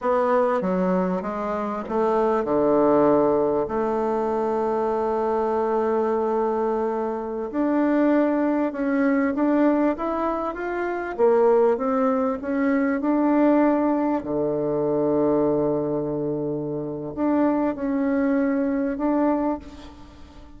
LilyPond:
\new Staff \with { instrumentName = "bassoon" } { \time 4/4 \tempo 4 = 98 b4 fis4 gis4 a4 | d2 a2~ | a1~ | a16 d'2 cis'4 d'8.~ |
d'16 e'4 f'4 ais4 c'8.~ | c'16 cis'4 d'2 d8.~ | d1 | d'4 cis'2 d'4 | }